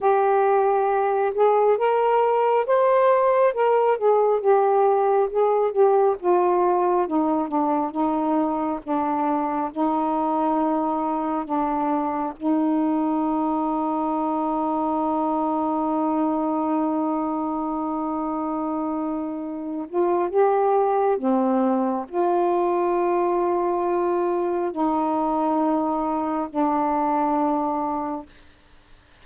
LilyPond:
\new Staff \with { instrumentName = "saxophone" } { \time 4/4 \tempo 4 = 68 g'4. gis'8 ais'4 c''4 | ais'8 gis'8 g'4 gis'8 g'8 f'4 | dis'8 d'8 dis'4 d'4 dis'4~ | dis'4 d'4 dis'2~ |
dis'1~ | dis'2~ dis'8 f'8 g'4 | c'4 f'2. | dis'2 d'2 | }